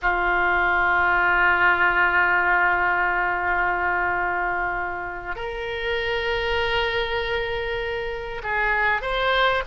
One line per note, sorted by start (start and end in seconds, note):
0.02 5.35 F4
5.35 8.41 A#4
8.43 9.01 G#4
9.01 9.62 C5